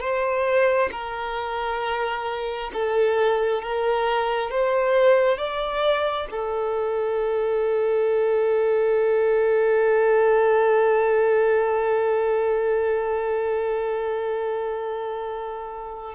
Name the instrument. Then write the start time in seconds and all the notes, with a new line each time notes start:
violin
0.00 C5
0.92 A#4
2.74 A4
3.62 A#4
4.51 C5
5.38 D5
6.31 A4